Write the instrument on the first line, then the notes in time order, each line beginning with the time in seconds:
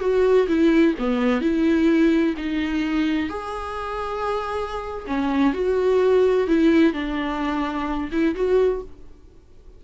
viola
0.00 F#4
0.48 E4
0.99 B3
1.41 E4
2.37 D#4
3.29 G#4
5.07 C#4
5.53 F#4
6.47 E4
6.93 D4
8.12 E4
8.35 F#4